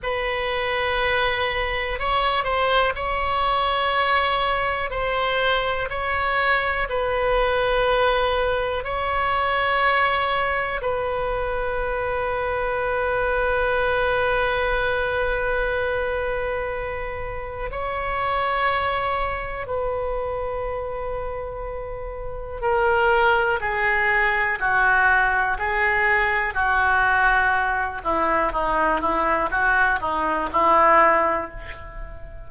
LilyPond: \new Staff \with { instrumentName = "oboe" } { \time 4/4 \tempo 4 = 61 b'2 cis''8 c''8 cis''4~ | cis''4 c''4 cis''4 b'4~ | b'4 cis''2 b'4~ | b'1~ |
b'2 cis''2 | b'2. ais'4 | gis'4 fis'4 gis'4 fis'4~ | fis'8 e'8 dis'8 e'8 fis'8 dis'8 e'4 | }